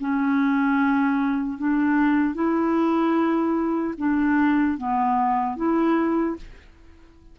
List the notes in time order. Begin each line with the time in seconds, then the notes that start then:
0.00 C#4
1.58 D4
2.35 E4
3.97 D4
4.77 B3
5.57 E4